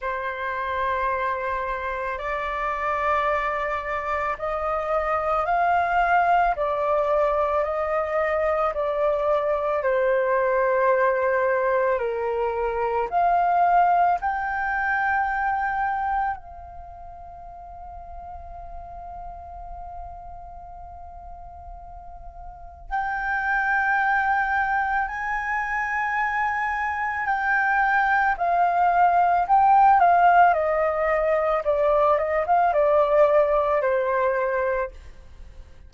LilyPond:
\new Staff \with { instrumentName = "flute" } { \time 4/4 \tempo 4 = 55 c''2 d''2 | dis''4 f''4 d''4 dis''4 | d''4 c''2 ais'4 | f''4 g''2 f''4~ |
f''1~ | f''4 g''2 gis''4~ | gis''4 g''4 f''4 g''8 f''8 | dis''4 d''8 dis''16 f''16 d''4 c''4 | }